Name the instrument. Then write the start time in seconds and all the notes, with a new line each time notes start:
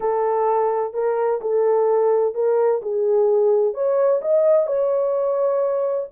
horn
0.00 A4
0.93 A#4
1.41 A4
2.34 A#4
2.82 G#4
3.74 C#5
4.21 D#5
4.66 C#5